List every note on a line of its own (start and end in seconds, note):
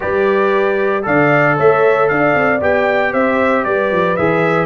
0.00 1.06 G3
0.00 1.02 G4
0.00 1.05 B4
0.00 1.05 D5
1.02 1.58 D3
1.02 2.59 A4
1.02 1.57 D5
1.02 1.58 F5
1.57 2.10 A3
1.57 2.09 C#5
1.57 2.08 E5
2.08 2.35 D4
2.08 3.12 D5
2.08 2.60 F5
2.35 2.61 C4
2.60 3.13 B3
2.60 4.17 G4
2.60 3.13 G5
3.12 3.65 C4
3.12 3.64 C5
3.12 3.64 E5
3.64 3.91 G3
3.64 4.65 B4
3.64 4.16 D5
3.91 4.17 F3
4.16 4.65 E3
4.16 4.65 G#4
4.16 4.65 E5